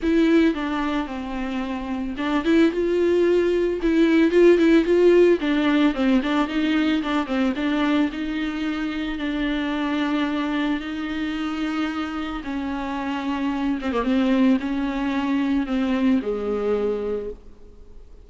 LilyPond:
\new Staff \with { instrumentName = "viola" } { \time 4/4 \tempo 4 = 111 e'4 d'4 c'2 | d'8 e'8 f'2 e'4 | f'8 e'8 f'4 d'4 c'8 d'8 | dis'4 d'8 c'8 d'4 dis'4~ |
dis'4 d'2. | dis'2. cis'4~ | cis'4. c'16 ais16 c'4 cis'4~ | cis'4 c'4 gis2 | }